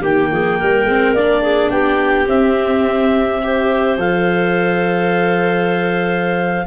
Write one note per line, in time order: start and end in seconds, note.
0.00 0.31 D#3
0.00 0.88 A#3
0.00 0.28 G4
0.00 1.15 G5
0.31 0.60 F3
0.31 0.58 G#4
0.58 0.84 G3
0.58 1.42 A#4
0.84 1.12 G#3
0.84 1.16 C4
1.14 1.70 A#3
1.14 2.27 D4
1.14 1.70 D5
1.42 1.71 G#4
1.70 2.27 B3
1.70 3.42 G4
1.70 2.27 G5
2.27 3.40 C4
2.27 3.97 C4
2.27 3.99 E5
3.43 3.98 G4
3.43 6.67 C5
3.97 6.66 F3
3.97 6.67 A4
3.97 6.67 F5